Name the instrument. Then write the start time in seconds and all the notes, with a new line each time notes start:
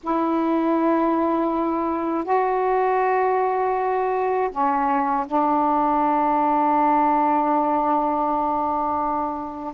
saxophone
0.03 E4
2.24 F#4
4.51 C#4
5.26 D4